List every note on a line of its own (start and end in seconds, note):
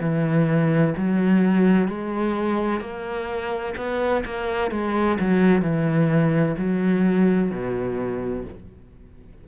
0.00 0.94 E3
0.97 1.88 F#3
1.88 2.81 G#3
2.81 3.75 A#3
3.77 4.24 B3
4.25 4.71 A#3
4.71 5.18 G#3
5.20 5.62 F#3
5.62 6.56 E3
6.58 7.51 F#3
7.51 8.45 B2